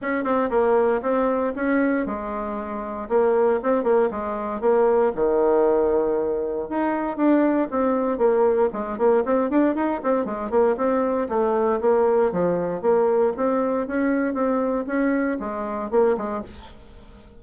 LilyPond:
\new Staff \with { instrumentName = "bassoon" } { \time 4/4 \tempo 4 = 117 cis'8 c'8 ais4 c'4 cis'4 | gis2 ais4 c'8 ais8 | gis4 ais4 dis2~ | dis4 dis'4 d'4 c'4 |
ais4 gis8 ais8 c'8 d'8 dis'8 c'8 | gis8 ais8 c'4 a4 ais4 | f4 ais4 c'4 cis'4 | c'4 cis'4 gis4 ais8 gis8 | }